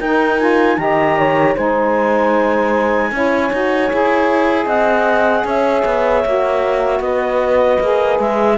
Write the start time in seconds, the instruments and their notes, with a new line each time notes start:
0.00 cello D#4, saxophone D#4, horn A#4, clarinet G5
0.40 saxophone F4, clarinet G#5
0.78 cello D#3, saxophone G4, horn D#5, clarinet A#5
1.18 horn C#5
1.56 cello G#3, saxophone D#4, horn C5, clarinet G#5
3.12 cello C#4, saxophone E4, horn C#5
3.52 cello D#4, saxophone F#4
3.91 cello E4, saxophone G#4
4.66 cello C4, horn D#5, clarinet F#5
5.44 cello C#4, horn C#5, clarinet E5
5.85 cello B3
6.25 cello A#3, saxophone F#4
7.00 cello B3, horn B4, clarinet D#5
7.80 cello A#3, saxophone G#4
8.19 cello G#3, clarinet E5